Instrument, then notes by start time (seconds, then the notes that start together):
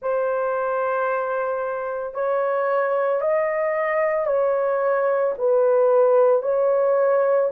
horn
0.02 C5
2.14 C#5
3.21 D#5
4.26 C#5
5.38 B4
6.42 C#5